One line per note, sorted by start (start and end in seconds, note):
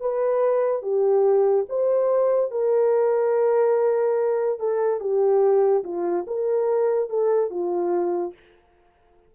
0.00 0.82 B4
0.82 1.65 G4
1.69 2.50 C5
2.50 4.59 A#4
4.59 5.00 A4
5.00 5.83 G4
5.84 6.25 F4
6.27 7.09 A#4
7.09 7.50 A4
7.50 8.33 F4